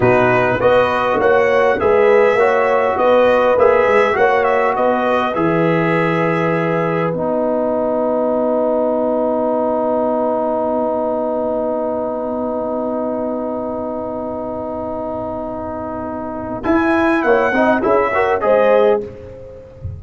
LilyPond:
<<
  \new Staff \with { instrumentName = "trumpet" } { \time 4/4 \tempo 4 = 101 b'4 dis''4 fis''4 e''4~ | e''4 dis''4 e''4 fis''8 e''8 | dis''4 e''2. | fis''1~ |
fis''1~ | fis''1~ | fis''1 | gis''4 fis''4 e''4 dis''4 | }
  \new Staff \with { instrumentName = "horn" } { \time 4/4 fis'4 b'4 cis''4 b'4 | cis''4 b'2 cis''4 | b'1~ | b'1~ |
b'1~ | b'1~ | b'1~ | b'4 cis''8 dis''8 gis'8 ais'8 c''4 | }
  \new Staff \with { instrumentName = "trombone" } { \time 4/4 dis'4 fis'2 gis'4 | fis'2 gis'4 fis'4~ | fis'4 gis'2. | dis'1~ |
dis'1~ | dis'1~ | dis'1 | e'4. dis'8 e'8 fis'8 gis'4 | }
  \new Staff \with { instrumentName = "tuba" } { \time 4/4 b,4 b4 ais4 gis4 | ais4 b4 ais8 gis8 ais4 | b4 e2. | b1~ |
b1~ | b1~ | b1 | e'4 ais8 c'8 cis'4 gis4 | }
>>